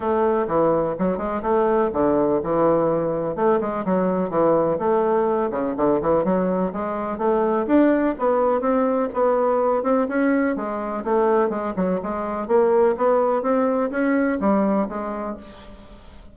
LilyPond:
\new Staff \with { instrumentName = "bassoon" } { \time 4/4 \tempo 4 = 125 a4 e4 fis8 gis8 a4 | d4 e2 a8 gis8 | fis4 e4 a4. cis8 | d8 e8 fis4 gis4 a4 |
d'4 b4 c'4 b4~ | b8 c'8 cis'4 gis4 a4 | gis8 fis8 gis4 ais4 b4 | c'4 cis'4 g4 gis4 | }